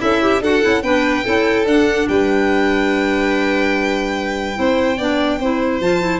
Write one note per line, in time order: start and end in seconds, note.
0.00 0.41 C#4
0.00 0.41 E4
0.00 0.22 A4
0.00 0.42 E5
0.22 0.42 G4
0.41 0.61 D4
0.41 0.61 F#4
0.41 0.83 A4
0.41 0.82 F#5
0.61 0.83 C#4
0.61 0.82 E4
0.82 1.24 B3
0.82 1.24 D4
0.82 1.24 B4
0.82 1.65 G5
1.24 1.65 C#4
1.24 1.66 E4
1.24 2.07 A4
1.65 2.06 D4
1.65 4.54 D4
1.65 2.08 F#5
2.08 4.57 G3
2.08 4.57 B4
2.08 5.80 G5
4.54 4.98 C4
4.54 4.96 E4
4.54 4.97 C5
4.97 5.39 B3
4.97 5.41 D4
4.97 5.39 D5
5.39 5.80 C4
5.39 5.82 E4
5.39 6.19 C5
5.80 6.19 F3
5.80 6.01 F4
5.80 6.19 A5
6.01 6.19 E4